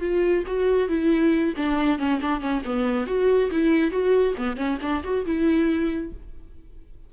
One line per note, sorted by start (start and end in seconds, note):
0.00 0.43 F4
0.46 0.88 F#4
0.88 1.54 E4
1.56 1.98 D4
1.98 2.20 C#4
2.21 2.40 D4
2.40 2.62 C#4
2.64 3.06 B3
3.06 3.50 F#4
3.51 3.91 E4
3.91 4.34 F#4
4.37 4.56 B3
4.56 4.78 C#4
4.81 5.03 D4
5.03 5.25 F#4
5.25 6.12 E4